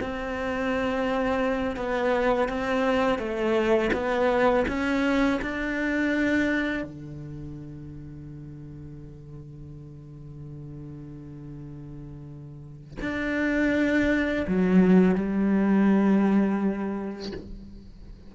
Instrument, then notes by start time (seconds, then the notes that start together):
cello
0.00 C4
1.76 B3
2.48 C4
3.18 A3
3.93 B3
4.68 C#4
5.42 D4
6.83 D3
13.01 D4
14.47 F#3
15.15 G3